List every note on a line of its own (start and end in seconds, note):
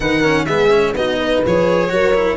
0.00 0.46 D#3
0.00 0.23 D#4
0.00 0.20 B4
0.00 0.45 F#5
0.20 0.47 C#4
0.20 0.44 A#4
0.45 0.94 G#3
0.45 0.70 B3
0.45 0.93 G#4
0.45 0.93 E5
0.70 0.94 C#4
0.94 1.41 B3
0.94 1.45 D#4
0.94 1.17 F#4
0.94 1.43 D#5
1.17 1.88 B4
1.46 1.90 F3
1.46 1.89 G#4
1.46 2.37 C#5
1.89 2.37 F#3
1.89 2.13 F#4
1.89 2.37 A#4
2.14 2.37 E4